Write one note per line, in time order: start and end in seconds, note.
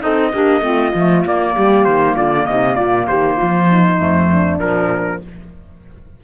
0.00 0.33 C4
0.00 0.31 D#4
0.00 0.34 A4
0.00 1.25 D#5
0.33 0.61 A#3
0.33 0.61 D4
0.33 0.65 G4
0.61 0.92 A3
0.61 0.92 C4
0.61 1.55 F4
0.95 1.25 F3
0.95 1.27 A3
1.25 1.56 A#3
1.25 3.99 A#3
1.25 1.85 D5
1.55 1.86 G3
1.55 2.16 G4
1.85 2.17 D#3
1.85 2.15 C5
2.16 2.47 D3
2.16 2.46 F4
2.16 2.46 D5
2.46 2.77 C3
2.46 2.76 D#4
2.46 2.76 D#5
2.76 3.09 A#2
2.76 3.06 F4
2.76 3.06 D5
3.07 3.41 D#3
3.07 3.37 G4
3.07 4.60 C5
3.37 4.01 F3
3.37 3.67 F4
3.70 4.31 D#4
3.99 4.59 F2
3.99 4.60 A3
4.32 5.23 D4
4.59 5.20 A#2
4.59 5.23 F3
4.59 5.21 A#4